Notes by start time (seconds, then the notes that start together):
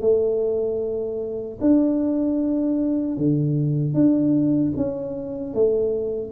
0.00 A3
1.61 D4
3.17 D3
3.94 D4
4.76 C#4
5.54 A3